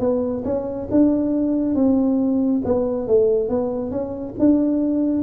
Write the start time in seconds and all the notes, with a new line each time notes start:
0.00 B3
0.45 C#4
0.91 D4
1.75 C4
2.65 B3
3.08 A3
3.49 B3
3.91 C#4
4.39 D4